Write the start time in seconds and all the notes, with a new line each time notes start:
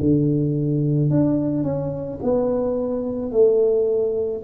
0.00 D3
1.11 D4
1.64 C#4
2.23 B3
3.32 A3